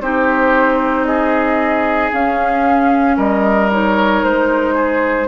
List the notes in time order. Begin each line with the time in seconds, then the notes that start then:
0.00 C4 D#4 G4 C5
1.05 G#4 D#5
2.12 C#4 F5
3.16 G3 A#4 D#5
3.70 D#4 C#5
4.23 G#3 C5
4.75 G#4